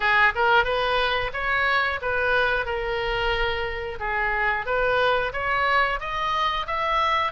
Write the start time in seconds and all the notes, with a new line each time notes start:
0.00 G#4
0.35 A#4
0.64 B4
1.33 C#5
2.01 B4
2.65 A#4
3.99 G#4
4.65 B4
5.32 C#5
5.99 D#5
6.66 E5